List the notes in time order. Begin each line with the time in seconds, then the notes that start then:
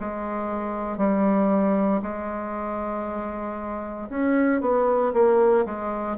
0.00 G#3
0.98 G3
2.02 G#3
4.10 C#4
4.61 B3
5.13 A#3
5.66 G#3